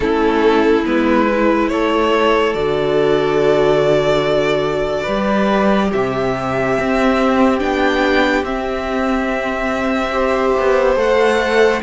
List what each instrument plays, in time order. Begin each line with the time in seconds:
0.00 cello A3, viola C#4, violin E4 A4
0.85 cello G#3, viola B3, violin B4
1.28 viola E4
1.68 cello A3, violin A4 C#5
2.53 cello D3, viola F#4, violin D5
5.02 cello G3, viola G4, violin B4
5.92 cello C3, violin G4 E5
6.78 viola C4, cello C4
7.59 cello B3, viola D4, violin G5
8.42 cello C4, viola C4, violin E5
10.11 viola G4, violin C5
10.58 cello B3
10.96 cello A3, viola A4, violin F#5